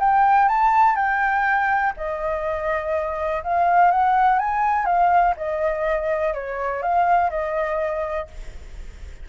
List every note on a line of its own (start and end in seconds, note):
0.00 0.49 G5
0.49 0.96 A5
0.96 1.93 G5
1.97 3.44 D#5
3.44 3.91 F5
3.91 4.39 F#5
4.39 4.86 G#5
4.86 5.35 F5
5.37 6.34 D#5
6.34 6.83 C#5
6.83 7.30 F5
7.30 8.28 D#5